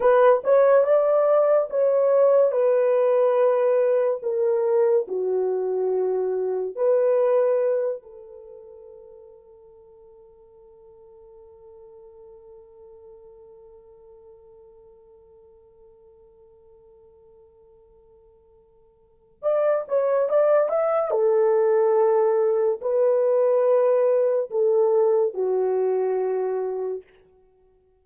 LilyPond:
\new Staff \with { instrumentName = "horn" } { \time 4/4 \tempo 4 = 71 b'8 cis''8 d''4 cis''4 b'4~ | b'4 ais'4 fis'2 | b'4. a'2~ a'8~ | a'1~ |
a'1~ | a'2. d''8 cis''8 | d''8 e''8 a'2 b'4~ | b'4 a'4 fis'2 | }